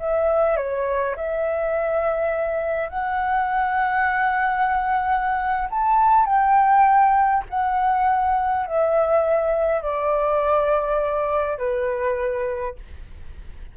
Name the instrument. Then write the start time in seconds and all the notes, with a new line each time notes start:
flute
0.00 E5
0.56 C#5
1.16 E5
2.89 F#5
5.71 A5
6.26 G5
7.50 F#5
8.66 E5
9.82 D5
11.58 B4